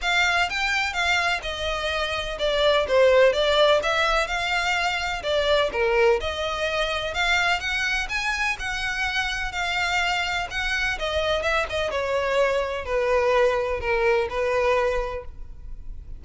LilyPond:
\new Staff \with { instrumentName = "violin" } { \time 4/4 \tempo 4 = 126 f''4 g''4 f''4 dis''4~ | dis''4 d''4 c''4 d''4 | e''4 f''2 d''4 | ais'4 dis''2 f''4 |
fis''4 gis''4 fis''2 | f''2 fis''4 dis''4 | e''8 dis''8 cis''2 b'4~ | b'4 ais'4 b'2 | }